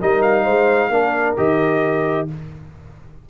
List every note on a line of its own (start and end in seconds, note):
0.00 0.47 G3
0.00 0.92 D#4
0.00 0.44 A#4
0.00 0.22 D#5
0.22 1.36 F5
0.44 0.90 G#3
0.44 0.89 C5
0.90 1.35 A#3
0.90 1.37 D4
0.90 2.30 A#4
1.37 2.29 D#3
1.37 2.28 G4
1.37 2.28 D#5